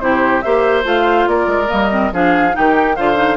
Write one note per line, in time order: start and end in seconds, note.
0.00 0.43 C3
0.00 0.43 E4
0.00 0.44 G4
0.00 0.41 C5
0.41 0.84 A#3
0.41 0.83 G4
0.41 1.29 C5
0.41 0.83 E5
0.83 1.27 A3
0.83 1.67 F4
0.83 1.28 F5
1.27 1.47 A#3
1.27 2.13 A#4
1.27 1.70 D5
1.47 1.68 G#3
1.67 2.12 G3
1.67 1.88 A#3
1.67 2.12 D#5
1.91 2.12 C4
2.12 2.54 F3
2.12 2.52 D4
2.12 2.56 G#4
2.12 2.56 F5
2.52 2.98 D#3
2.52 2.95 D#4
2.52 2.96 G4
2.52 2.96 G5
2.96 3.37 D3
2.96 3.15 F4
2.96 3.37 C5
2.96 3.37 F5
3.15 3.36 D#4